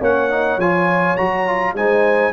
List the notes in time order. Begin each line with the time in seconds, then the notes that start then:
0.00 A#3 C#4 C#5 F#5
0.30 D#4
0.57 F3 F4 G#5
1.16 F#3 F#4 A#5
1.46 F4
1.73 G#3 D#4 C5 G#5